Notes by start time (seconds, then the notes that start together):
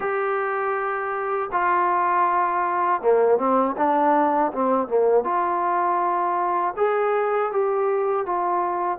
0.00 G4
1.52 F4
3.01 A#3
3.38 C4
3.77 D4
4.52 C4
4.87 A#3
5.23 F4
6.76 G#4
7.51 G4
8.25 F4